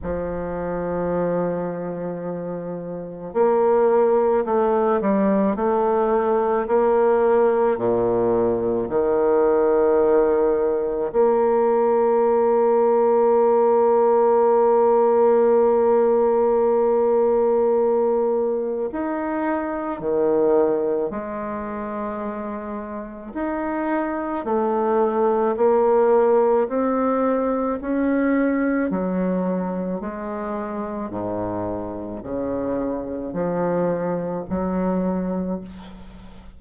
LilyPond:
\new Staff \with { instrumentName = "bassoon" } { \time 4/4 \tempo 4 = 54 f2. ais4 | a8 g8 a4 ais4 ais,4 | dis2 ais2~ | ais1~ |
ais4 dis'4 dis4 gis4~ | gis4 dis'4 a4 ais4 | c'4 cis'4 fis4 gis4 | gis,4 cis4 f4 fis4 | }